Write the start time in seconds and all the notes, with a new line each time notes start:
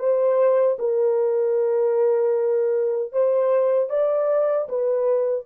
0.00 C5
0.79 A#4
3.13 C5
3.90 D5
4.69 B4